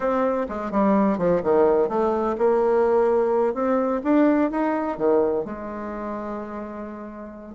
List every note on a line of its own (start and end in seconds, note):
0.00 0.46 C4
0.48 0.71 G#3
0.71 1.17 G3
1.17 1.41 F3
1.43 1.88 D#3
1.88 2.36 A3
2.38 3.54 A#3
3.54 4.01 C4
4.03 4.51 D4
4.51 4.97 D#4
4.97 5.44 D#3
5.45 7.55 G#3